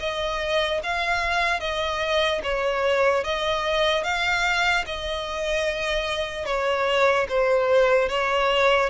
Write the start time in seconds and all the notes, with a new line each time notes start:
0.00 D#5
0.84 F5
1.61 D#5
2.44 C#5
3.24 D#5
4.04 F5
4.86 D#5
6.46 C#5
7.29 C5
8.09 C#5